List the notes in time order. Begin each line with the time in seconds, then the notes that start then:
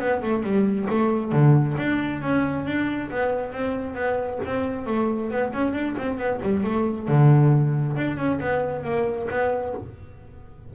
0.00 B3
0.23 A3
0.44 G3
0.90 A3
1.33 D3
1.78 D4
2.22 C#4
2.66 D4
3.11 B3
3.53 C4
3.95 B3
4.45 C4
4.87 A3
5.31 B3
5.53 C#4
5.74 D4
5.98 C4
6.18 B3
6.43 G3
6.64 A3
7.08 D3
7.97 D4
8.18 C#4
8.41 B3
8.84 A#3
9.31 B3